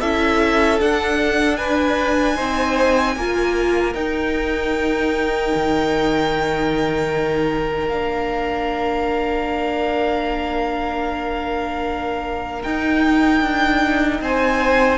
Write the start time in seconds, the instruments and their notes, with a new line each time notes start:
0.00 cello C#4, viola E4, violin A4 E5
0.78 viola D4, cello D4, violin F#5
1.56 violin B4 G#5
2.35 cello C4, viola D#4, violin C5
3.15 cello A#3, viola F4, violin A#4
3.94 viola D#4, cello D#4, violin G5
5.54 cello D#3
7.88 cello A#3, viola D4, violin F5
12.63 viola D#4, cello D#4, violin G5
13.41 cello D4
14.21 cello C4, violin C5 G#5